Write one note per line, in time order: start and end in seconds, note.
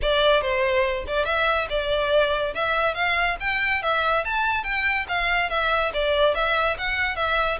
0.01 0.41 D5
0.41 1.04 C5
1.07 1.25 D5
1.25 1.67 E5
1.69 2.54 D5
2.54 2.94 E5
2.94 3.36 F5
3.40 3.82 G5
3.82 4.24 E5
4.24 4.63 A5
4.63 5.06 G5
5.08 5.49 F5
5.49 5.92 E5
5.93 6.34 D5
6.34 6.76 E5
6.78 7.15 F#5
7.15 7.58 E5